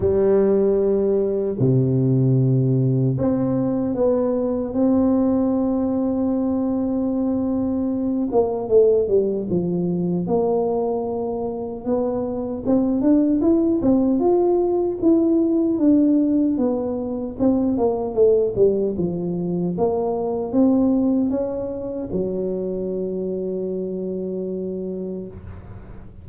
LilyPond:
\new Staff \with { instrumentName = "tuba" } { \time 4/4 \tempo 4 = 76 g2 c2 | c'4 b4 c'2~ | c'2~ c'8 ais8 a8 g8 | f4 ais2 b4 |
c'8 d'8 e'8 c'8 f'4 e'4 | d'4 b4 c'8 ais8 a8 g8 | f4 ais4 c'4 cis'4 | fis1 | }